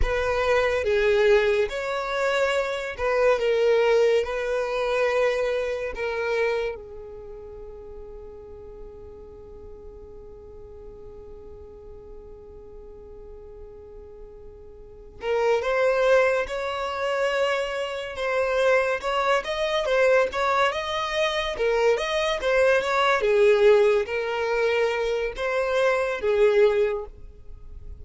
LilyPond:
\new Staff \with { instrumentName = "violin" } { \time 4/4 \tempo 4 = 71 b'4 gis'4 cis''4. b'8 | ais'4 b'2 ais'4 | gis'1~ | gis'1~ |
gis'2 ais'8 c''4 cis''8~ | cis''4. c''4 cis''8 dis''8 c''8 | cis''8 dis''4 ais'8 dis''8 c''8 cis''8 gis'8~ | gis'8 ais'4. c''4 gis'4 | }